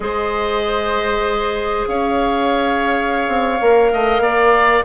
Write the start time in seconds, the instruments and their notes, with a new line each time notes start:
0.00 bassoon G#3, clarinet G#4, oboe C5, flute D#5
1.87 bassoon C#4, oboe C#5, flute F5
3.28 bassoon C4
3.60 bassoon A#3, clarinet A#4
3.92 bassoon A3, oboe D#5
4.19 bassoon A#3, oboe D5